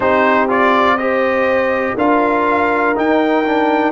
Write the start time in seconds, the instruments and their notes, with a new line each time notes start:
0.00 tuba C4, trombone D#4, horn G4, trumpet C5
0.48 trombone F4, trumpet D5
0.97 trombone G4, horn C5, trumpet D#5
1.96 tuba D4, trombone F4, horn A#4, trumpet F5
2.95 trombone D#4, tuba D#4, trumpet G5
3.44 trombone D4